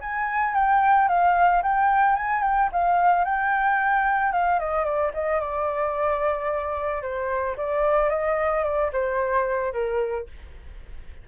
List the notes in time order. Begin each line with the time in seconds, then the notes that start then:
0.00 G#5
0.54 G5
1.08 F5
1.62 G5
2.15 G#5
2.42 G5
2.72 F5
3.24 G5
4.32 F5
4.59 D#5
4.84 D5
5.14 D#5
5.40 D5
7.02 C5
7.57 D5
8.09 D#5
8.63 D5
8.92 C5
9.72 A#4